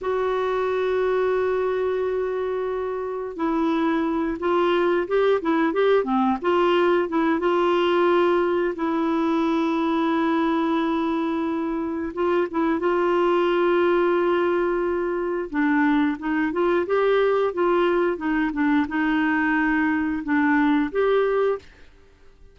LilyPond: \new Staff \with { instrumentName = "clarinet" } { \time 4/4 \tempo 4 = 89 fis'1~ | fis'4 e'4. f'4 g'8 | e'8 g'8 c'8 f'4 e'8 f'4~ | f'4 e'2.~ |
e'2 f'8 e'8 f'4~ | f'2. d'4 | dis'8 f'8 g'4 f'4 dis'8 d'8 | dis'2 d'4 g'4 | }